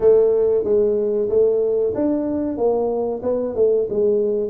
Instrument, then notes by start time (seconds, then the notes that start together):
tuba
0.00 A3
0.64 G#3
1.29 A3
1.94 D4
2.57 A#3
3.23 B3
3.55 A3
3.89 G#3